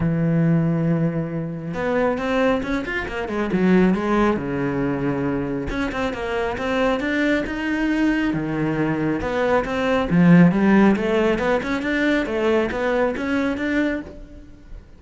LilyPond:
\new Staff \with { instrumentName = "cello" } { \time 4/4 \tempo 4 = 137 e1 | b4 c'4 cis'8 f'8 ais8 gis8 | fis4 gis4 cis2~ | cis4 cis'8 c'8 ais4 c'4 |
d'4 dis'2 dis4~ | dis4 b4 c'4 f4 | g4 a4 b8 cis'8 d'4 | a4 b4 cis'4 d'4 | }